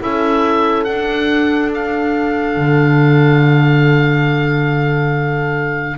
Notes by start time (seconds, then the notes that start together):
0.00 C#4 E4 A4 E5
0.84 D4 F#5
1.74 F5
2.57 D3